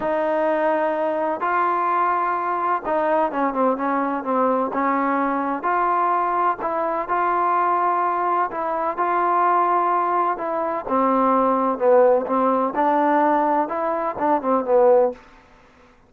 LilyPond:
\new Staff \with { instrumentName = "trombone" } { \time 4/4 \tempo 4 = 127 dis'2. f'4~ | f'2 dis'4 cis'8 c'8 | cis'4 c'4 cis'2 | f'2 e'4 f'4~ |
f'2 e'4 f'4~ | f'2 e'4 c'4~ | c'4 b4 c'4 d'4~ | d'4 e'4 d'8 c'8 b4 | }